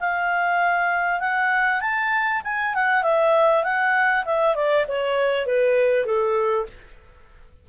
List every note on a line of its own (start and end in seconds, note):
0.00 1.20 F5
1.20 1.81 F#5
1.81 2.41 A5
2.44 2.74 G#5
2.74 3.03 F#5
3.03 3.63 E5
3.64 4.24 F#5
4.25 4.55 E5
4.55 4.85 D5
4.88 5.46 C#5
5.46 6.06 B4
6.06 6.66 A4